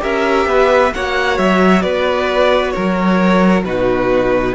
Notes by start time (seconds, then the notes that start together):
0.00 C#4 G4 A#4 E5
0.46 B3 B4
0.94 A#3 F#4 C#5 F#5
1.38 F#3 E5
1.82 B3 B4 D5
2.71 F#3 A#4 C#5
3.65 B2 D#4 F#4 B4